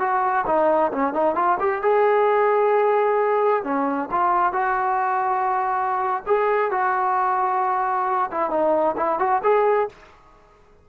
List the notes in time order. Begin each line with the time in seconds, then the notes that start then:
0.00 F#4
0.46 D#4
0.92 C#4
1.14 D#4
1.36 F4
1.60 G4
1.82 G#4
3.64 C#4
4.12 F4
4.53 F#4
6.27 G#4
6.71 F#4
8.32 E4
8.51 D#4
8.97 E4
9.20 F#4
9.44 G#4